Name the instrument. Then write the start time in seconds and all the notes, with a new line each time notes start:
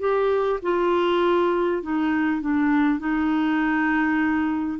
clarinet
0.00 G4
0.63 F4
1.83 D#4
2.41 D4
2.99 D#4